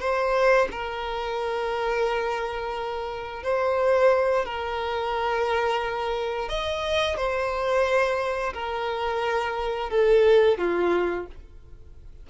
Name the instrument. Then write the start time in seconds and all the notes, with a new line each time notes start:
violin
0.00 C5
0.71 A#4
3.43 C5
4.45 A#4
6.49 D#5
7.17 C5
8.54 A#4
9.90 A4
10.58 F4